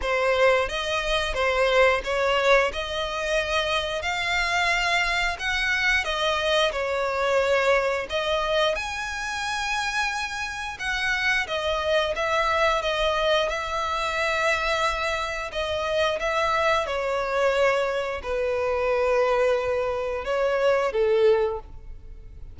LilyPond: \new Staff \with { instrumentName = "violin" } { \time 4/4 \tempo 4 = 89 c''4 dis''4 c''4 cis''4 | dis''2 f''2 | fis''4 dis''4 cis''2 | dis''4 gis''2. |
fis''4 dis''4 e''4 dis''4 | e''2. dis''4 | e''4 cis''2 b'4~ | b'2 cis''4 a'4 | }